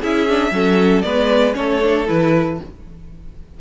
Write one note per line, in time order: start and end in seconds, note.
0.00 0.51 C#4
0.00 0.29 E4
0.00 0.52 G#4
0.00 1.02 E5
0.29 0.51 D4
0.51 1.03 F#3
0.51 1.03 C#4
0.51 1.06 A4
1.02 1.57 G#3
1.02 1.53 B3
1.02 1.57 B4
1.02 1.54 D5
1.53 2.09 A3
1.53 1.79 C#4
1.53 2.61 A4
1.53 2.07 C#5
1.83 2.07 D4
2.07 2.61 E3
2.07 2.59 E4
2.07 2.60 B4